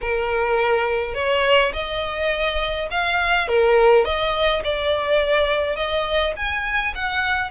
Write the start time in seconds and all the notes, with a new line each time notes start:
0.01 A#4
1.14 C#5
1.73 D#5
2.91 F5
3.48 A#4
4.04 D#5
4.64 D5
5.76 D#5
6.36 G#5
6.94 F#5